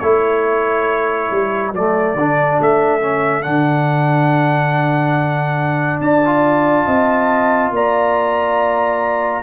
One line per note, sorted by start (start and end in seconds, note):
0.00 1.30 A3
0.00 1.74 E4
0.00 6.01 A4
0.00 1.71 C#5
1.31 1.72 G3
1.72 2.15 F#3
1.72 2.17 A3
1.72 2.61 D5
2.15 2.57 D3
2.15 3.01 D4
2.61 3.45 A3
2.61 3.43 E5
3.01 3.43 C#4
3.43 6.01 D3
3.43 6.21 D4
3.43 6.00 F#5
6.01 6.87 D4
6.01 6.86 D5
6.01 7.72 A5
6.26 9.43 F4
6.86 7.71 C4
6.86 7.72 D#5
7.71 9.42 A#3
7.71 9.43 D5
7.71 9.43 A#5